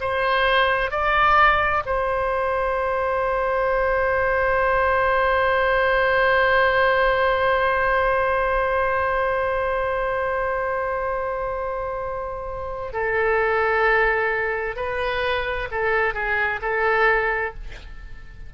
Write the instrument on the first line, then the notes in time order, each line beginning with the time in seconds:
oboe
0.00 C5
0.91 D5
1.85 C5
12.92 A4
14.76 B4
15.71 A4
16.13 G#4
16.62 A4